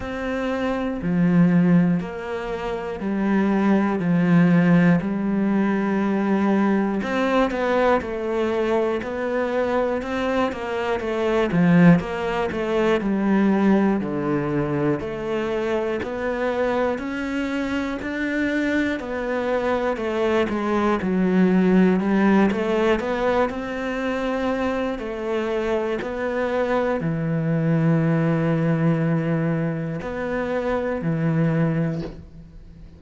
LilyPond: \new Staff \with { instrumentName = "cello" } { \time 4/4 \tempo 4 = 60 c'4 f4 ais4 g4 | f4 g2 c'8 b8 | a4 b4 c'8 ais8 a8 f8 | ais8 a8 g4 d4 a4 |
b4 cis'4 d'4 b4 | a8 gis8 fis4 g8 a8 b8 c'8~ | c'4 a4 b4 e4~ | e2 b4 e4 | }